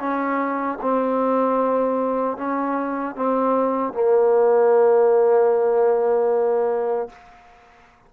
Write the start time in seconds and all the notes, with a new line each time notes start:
0.00 C#4
0.82 C4
2.38 C#4
3.16 C4
3.94 A#3